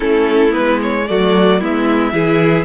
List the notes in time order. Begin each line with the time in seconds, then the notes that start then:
0.00 A3 C#4 E4 A4
0.50 B3 B4
0.57 G#3
0.81 C#5
1.07 F#3 A3 F#4 D5
1.60 G#3 B3 E4 E5
2.12 E3 E4 G#4